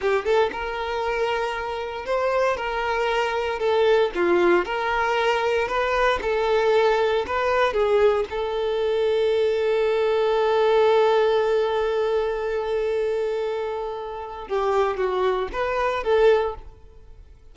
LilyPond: \new Staff \with { instrumentName = "violin" } { \time 4/4 \tempo 4 = 116 g'8 a'8 ais'2. | c''4 ais'2 a'4 | f'4 ais'2 b'4 | a'2 b'4 gis'4 |
a'1~ | a'1~ | a'1 | g'4 fis'4 b'4 a'4 | }